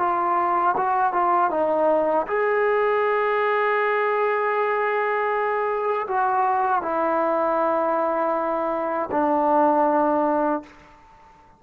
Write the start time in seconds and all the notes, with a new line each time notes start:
0.00 F4
0.77 F#4
1.14 F4
1.51 D#4
2.28 G#4
6.08 F#4
6.83 E4
9.11 D4